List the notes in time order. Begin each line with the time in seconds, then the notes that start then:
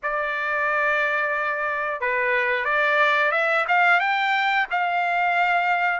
0.02 D5
2.00 B4
2.65 D5
3.32 E5
3.68 F5
3.99 G5
4.70 F5